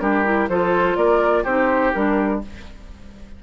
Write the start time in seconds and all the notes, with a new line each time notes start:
0.00 G3 D4 G4 A#4
0.25 E4
0.48 F3 F4 A4 C5
0.96 A#3 A#4 D5
1.43 C4 D#4 G4 C5
1.93 G3 D4 A#4